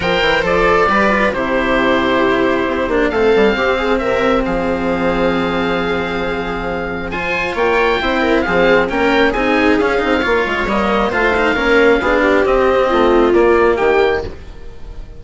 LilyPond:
<<
  \new Staff \with { instrumentName = "oboe" } { \time 4/4 \tempo 4 = 135 g''4 d''2 c''4~ | c''2. f''4~ | f''4 e''4 f''2~ | f''1 |
gis''4 g''2 f''4 | g''4 gis''4 f''2 | dis''4 f''2. | dis''2 d''4 g''4 | }
  \new Staff \with { instrumentName = "viola" } { \time 4/4 c''2 b'4 g'4~ | g'2. a'4 | g'8 gis'8 ais'4 gis'2~ | gis'1 |
c''4 cis''4 c''8 ais'8 gis'4 | ais'4 gis'2 cis''4~ | cis''4 c''4 ais'4 gis'8 g'8~ | g'4 f'2 g'4 | }
  \new Staff \with { instrumentName = "cello" } { \time 4/4 ais'4 a'4 g'8 f'8 e'4~ | e'2~ e'8 d'8 c'4~ | c'1~ | c'1 |
f'2 e'4 c'4 | cis'4 dis'4 cis'8 dis'8 f'4 | ais4 f'8 dis'8 cis'4 d'4 | c'2 ais2 | }
  \new Staff \with { instrumentName = "bassoon" } { \time 4/4 f8 e8 f4 g4 c4~ | c2 c'8 ais8 a8 g8 | c'4 c4 f2~ | f1~ |
f4 ais4 c'4 f4 | ais4 c'4 cis'8 c'8 ais8 gis8 | g4 a4 ais4 b4 | c'4 a4 ais4 dis4 | }
>>